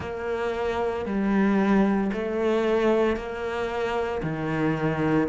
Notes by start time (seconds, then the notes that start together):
0.00 A#3
1.05 G3
2.12 A3
3.16 A#3
4.22 D#3